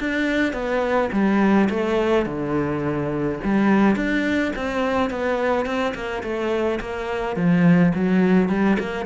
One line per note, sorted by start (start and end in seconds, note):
0.00 0.54 D4
0.54 1.10 B3
1.12 1.69 G3
1.70 2.26 A3
2.26 3.39 D3
3.44 3.96 G3
3.96 4.53 D4
4.56 5.10 C4
5.10 5.66 B3
5.66 5.94 C4
5.95 6.23 A#3
6.23 6.80 A3
6.81 7.36 A#3
7.36 7.93 F3
7.95 8.49 F#3
8.49 8.78 G3
8.80 9.06 A#3